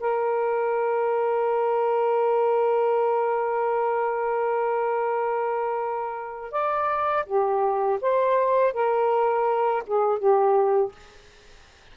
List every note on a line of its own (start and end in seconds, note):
0.00 6.52 A#4
6.52 7.25 D5
7.26 8.00 G4
8.01 8.73 C5
8.73 9.83 A#4
9.87 10.19 G#4
10.19 10.92 G4